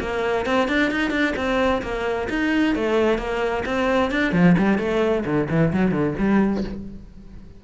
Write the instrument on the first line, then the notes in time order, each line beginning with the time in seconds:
cello
0.00 A#3
0.46 C4
0.68 D4
0.91 D#4
1.10 D4
1.36 C4
1.82 A#3
2.29 D#4
2.75 A3
3.18 A#3
3.65 C4
4.11 D4
4.33 F3
4.58 G3
4.78 A3
5.25 D3
5.49 E3
5.73 F#3
5.91 D3
6.18 G3